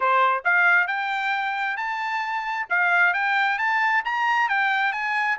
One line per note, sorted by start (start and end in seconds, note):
0.00 0.43 C5
0.44 0.87 F5
0.87 1.76 G5
1.77 2.66 A5
2.69 3.13 F5
3.13 3.58 G5
3.58 4.03 A5
4.04 4.48 A#5
4.48 4.92 G5
4.92 5.37 G#5